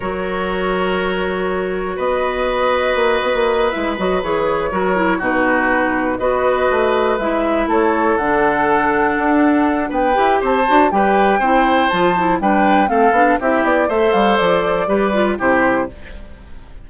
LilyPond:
<<
  \new Staff \with { instrumentName = "flute" } { \time 4/4 \tempo 4 = 121 cis''1 | dis''2.~ dis''8 e''8 | dis''8 cis''2 b'4.~ | b'8 dis''2 e''4 cis''8~ |
cis''8 fis''2.~ fis''8 | g''4 a''4 g''2 | a''4 g''4 f''4 e''8 d''8 | e''8 f''8 d''2 c''4 | }
  \new Staff \with { instrumentName = "oboe" } { \time 4/4 ais'1 | b'1~ | b'4. ais'4 fis'4.~ | fis'8 b'2. a'8~ |
a'1 | b'4 c''4 b'4 c''4~ | c''4 b'4 a'4 g'4 | c''2 b'4 g'4 | }
  \new Staff \with { instrumentName = "clarinet" } { \time 4/4 fis'1~ | fis'2.~ fis'8 e'8 | fis'8 gis'4 fis'8 e'8 dis'4.~ | dis'8 fis'2 e'4.~ |
e'8 d'2.~ d'8~ | d'8 g'4 fis'8 g'4 e'4 | f'8 e'8 d'4 c'8 d'8 e'4 | a'2 g'8 f'8 e'4 | }
  \new Staff \with { instrumentName = "bassoon" } { \time 4/4 fis1 | b2 ais8 b16 ais8. gis8 | fis8 e4 fis4 b,4.~ | b,8 b4 a4 gis4 a8~ |
a8 d2 d'4. | b8 e'8 c'8 d'8 g4 c'4 | f4 g4 a8 b8 c'8 b8 | a8 g8 f4 g4 c4 | }
>>